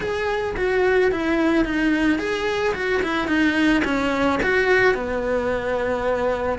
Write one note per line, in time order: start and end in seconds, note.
0.00 0.55 G#4
0.57 1.11 F#4
1.11 1.64 E4
1.64 2.19 D#4
2.19 2.74 G#4
2.74 3.02 F#4
3.03 3.27 E4
3.27 3.82 D#4
3.84 4.39 C#4
4.42 4.94 F#4
4.94 6.59 B3